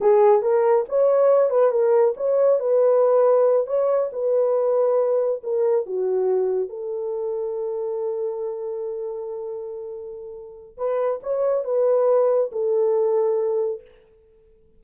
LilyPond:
\new Staff \with { instrumentName = "horn" } { \time 4/4 \tempo 4 = 139 gis'4 ais'4 cis''4. b'8 | ais'4 cis''4 b'2~ | b'8 cis''4 b'2~ b'8~ | b'8 ais'4 fis'2 a'8~ |
a'1~ | a'1~ | a'4 b'4 cis''4 b'4~ | b'4 a'2. | }